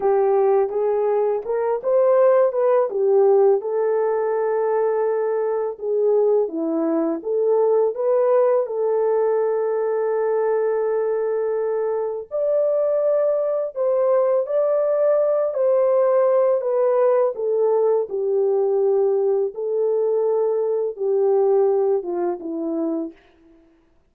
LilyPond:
\new Staff \with { instrumentName = "horn" } { \time 4/4 \tempo 4 = 83 g'4 gis'4 ais'8 c''4 b'8 | g'4 a'2. | gis'4 e'4 a'4 b'4 | a'1~ |
a'4 d''2 c''4 | d''4. c''4. b'4 | a'4 g'2 a'4~ | a'4 g'4. f'8 e'4 | }